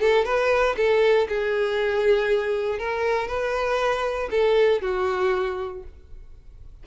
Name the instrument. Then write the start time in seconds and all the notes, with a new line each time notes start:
violin
0.00 A4
0.24 B4
0.77 A4
1.28 G#4
2.79 A#4
3.28 B4
4.31 A4
4.81 F#4